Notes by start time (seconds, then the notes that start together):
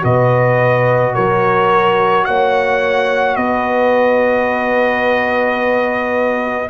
0.00 B2 F#4 B4 D#5
1.14 F#3 A#4 C#5
2.24 A#3 C#5 F#5
3.35 B3 B4 D#5